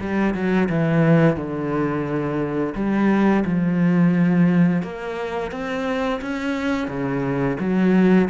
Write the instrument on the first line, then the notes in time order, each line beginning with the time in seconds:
cello
0.00 G3
0.34 F#3
0.69 E3
1.36 D3
2.75 G3
3.45 F3
4.82 A#3
5.51 C4
6.21 C#4
6.88 C#3
7.60 F#3